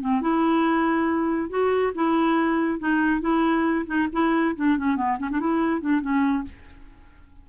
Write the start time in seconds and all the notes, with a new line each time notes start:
0.00 C4
0.21 E4
1.49 F#4
1.95 E4
2.79 D#4
3.21 E4
3.86 D#4
4.12 E4
4.56 D4
4.77 C#4
4.96 B3
5.19 C#4
5.31 D4
5.40 E4
5.81 D4
6.01 C#4